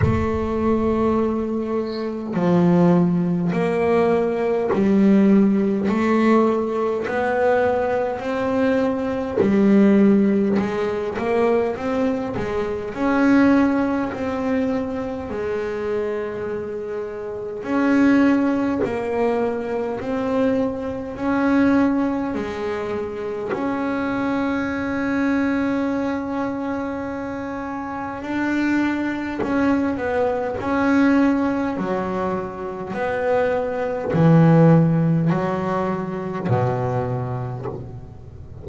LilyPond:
\new Staff \with { instrumentName = "double bass" } { \time 4/4 \tempo 4 = 51 a2 f4 ais4 | g4 a4 b4 c'4 | g4 gis8 ais8 c'8 gis8 cis'4 | c'4 gis2 cis'4 |
ais4 c'4 cis'4 gis4 | cis'1 | d'4 cis'8 b8 cis'4 fis4 | b4 e4 fis4 b,4 | }